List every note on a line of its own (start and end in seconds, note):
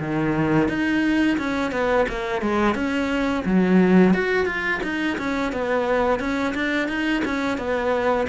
0.00 0.69 D#3
0.69 1.38 D#4
1.38 1.72 C#4
1.72 2.06 B3
2.09 2.42 A#3
2.42 2.75 G#3
2.75 3.44 C#4
3.45 4.14 F#3
4.14 4.46 F#4
4.46 4.81 F4
4.83 5.18 D#4
5.18 5.52 C#4
5.52 6.20 B3
6.20 6.54 C#4
6.55 6.89 D4
6.89 7.23 D#4
7.25 7.58 C#4
7.58 8.27 B3